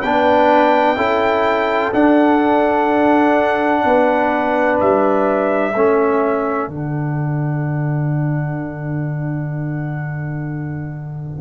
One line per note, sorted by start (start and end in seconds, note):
0.00 0.96 B3
0.00 0.97 D4
0.00 0.95 B4
0.00 1.92 G5
0.96 1.92 C#4
0.96 1.92 E4
0.96 3.82 A4
1.92 5.73 D4
1.92 3.84 D4
1.92 4.79 F#5
3.85 4.80 B3
3.85 5.73 B4
4.80 5.74 G3
4.80 6.69 E5
5.73 6.68 A3
5.73 6.69 C#4
5.73 11.41 A4
6.68 11.41 D3
6.68 11.41 D4
6.68 11.41 F#5